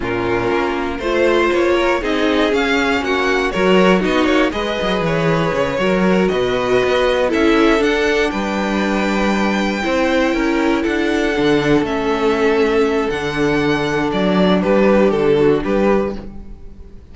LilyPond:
<<
  \new Staff \with { instrumentName = "violin" } { \time 4/4 \tempo 4 = 119 ais'2 c''4 cis''4 | dis''4 f''4 fis''4 cis''4 | dis''8 cis''8 dis''4 cis''2~ | cis''8 dis''2 e''4 fis''8~ |
fis''8 g''2.~ g''8~ | g''4. fis''2 e''8~ | e''2 fis''2 | d''4 b'4 a'4 b'4 | }
  \new Staff \with { instrumentName = "violin" } { \time 4/4 f'2 c''4. ais'8 | gis'2 fis'4 ais'4 | fis'4 b'2~ b'8 ais'8~ | ais'8 b'2 a'4.~ |
a'8 b'2. c''8~ | c''8 ais'4 a'2~ a'8~ | a'1~ | a'4 g'4. fis'8 g'4 | }
  \new Staff \with { instrumentName = "viola" } { \time 4/4 cis'2 f'2 | dis'4 cis'2 fis'4 | dis'4 gis'2~ gis'8 fis'8~ | fis'2~ fis'8 e'4 d'8~ |
d'2.~ d'8 e'8~ | e'2~ e'8 d'4 cis'8~ | cis'2 d'2~ | d'1 | }
  \new Staff \with { instrumentName = "cello" } { \time 4/4 ais,4 ais4 a4 ais4 | c'4 cis'4 ais4 fis4 | b8 ais8 gis8 fis8 e4 cis8 fis8~ | fis8 b,4 b4 cis'4 d'8~ |
d'8 g2. c'8~ | c'8 cis'4 d'4 d4 a8~ | a2 d2 | fis4 g4 d4 g4 | }
>>